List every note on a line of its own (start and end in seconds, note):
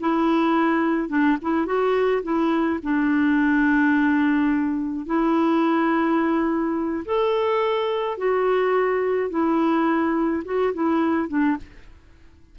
0.00 1.09 E4
1.09 1.37 D4
1.42 1.66 E4
1.66 2.23 F#4
2.23 2.79 E4
2.83 5.06 D4
5.06 7.04 E4
7.05 8.18 A4
8.18 9.30 F#4
9.30 10.43 E4
10.45 10.73 F#4
10.74 11.28 E4
11.28 11.57 D4